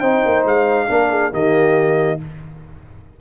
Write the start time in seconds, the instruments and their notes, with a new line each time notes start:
0.00 tuba C4, trombone D#4, horn C5, trumpet G5
0.26 tuba A#3
0.45 tuba G#3, trumpet F5
0.89 tuba A#3, trombone D4, horn A#4
1.11 horn G#4
1.32 tuba D#3, trombone A#3, horn G4, trumpet D#5